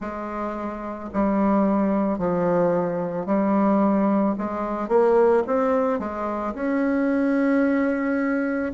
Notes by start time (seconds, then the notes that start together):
0.00 G#3
1.13 G3
2.18 F3
3.26 G3
4.37 G#3
4.88 A#3
5.46 C4
5.99 G#3
6.54 C#4